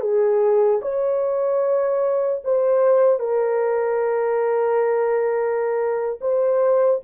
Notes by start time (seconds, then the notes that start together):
0.00 G#4
0.82 C#5
2.44 C5
3.19 A#4
6.21 C5